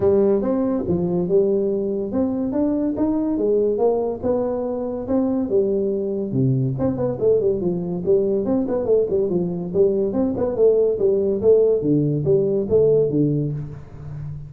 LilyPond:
\new Staff \with { instrumentName = "tuba" } { \time 4/4 \tempo 4 = 142 g4 c'4 f4 g4~ | g4 c'4 d'4 dis'4 | gis4 ais4 b2 | c'4 g2 c4 |
c'8 b8 a8 g8 f4 g4 | c'8 b8 a8 g8 f4 g4 | c'8 b8 a4 g4 a4 | d4 g4 a4 d4 | }